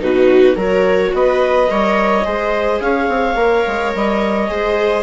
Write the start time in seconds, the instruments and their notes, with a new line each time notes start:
0.00 bassoon B2, viola D#4 F#4, clarinet B4
0.56 bassoon F#3, viola F#4 A#4, clarinet C#5
1.14 bassoon B3, viola B4, clarinet D#5
1.67 bassoon G3, viola A#4 C#5
2.24 bassoon G#3, viola G#4 C5
2.81 bassoon C#4, viola C#5, clarinet F5
3.09 bassoon C4
3.35 bassoon A#3, viola A#4
3.67 bassoon G#3
3.95 bassoon G3, clarinet D#5
4.48 bassoon G#3, viola G#4 C5